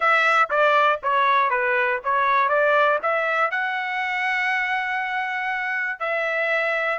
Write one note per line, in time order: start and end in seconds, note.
0.00 0.49 E5
0.50 1.00 D5
1.02 1.50 C#5
1.50 2.00 B4
2.04 2.48 C#5
2.48 2.98 D5
3.02 3.50 E5
3.50 5.99 F#5
5.99 6.98 E5